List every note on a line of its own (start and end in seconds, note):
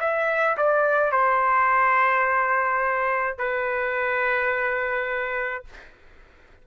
0.00 0.57 E5
0.57 1.12 D5
1.12 3.38 C5
3.38 5.64 B4